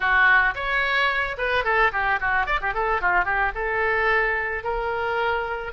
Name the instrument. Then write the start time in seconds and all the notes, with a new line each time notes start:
oboe
0.00 F#4
0.54 C#5
1.37 B4
1.64 A4
1.92 G4
2.20 F#4
2.46 D5
2.60 G4
2.73 A4
3.01 F4
3.25 G4
3.55 A4
4.63 A#4